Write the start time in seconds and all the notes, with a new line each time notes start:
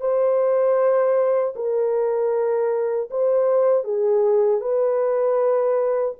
0.00 C5
1.55 A#4
3.10 C5
3.84 G#4
4.60 B4